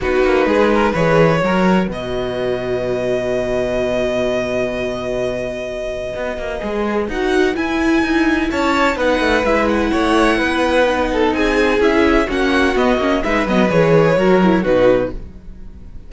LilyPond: <<
  \new Staff \with { instrumentName = "violin" } { \time 4/4 \tempo 4 = 127 b'2 cis''2 | dis''1~ | dis''1~ | dis''2. fis''4 |
gis''2 a''4 fis''4 | e''8 fis''2.~ fis''8 | gis''4 e''4 fis''4 dis''4 | e''8 dis''8 cis''2 b'4 | }
  \new Staff \with { instrumentName = "violin" } { \time 4/4 fis'4 gis'8 ais'8 b'4 ais'4 | b'1~ | b'1~ | b'1~ |
b'2 cis''4 b'4~ | b'4 cis''4 b'4. a'8 | gis'2 fis'2 | b'2 ais'4 fis'4 | }
  \new Staff \with { instrumentName = "viola" } { \time 4/4 dis'2 gis'4 fis'4~ | fis'1~ | fis'1~ | fis'2 gis'4 fis'4 |
e'2. dis'4 | e'2. dis'4~ | dis'4 e'4 cis'4 b8 cis'8 | dis'8 b8 gis'4 fis'8 e'8 dis'4 | }
  \new Staff \with { instrumentName = "cello" } { \time 4/4 b8 ais8 gis4 e4 fis4 | b,1~ | b,1~ | b,4 b8 ais8 gis4 dis'4 |
e'4 dis'4 cis'4 b8 a8 | gis4 a4 b2 | c'4 cis'4 ais4 b8 ais8 | gis8 fis8 e4 fis4 b,4 | }
>>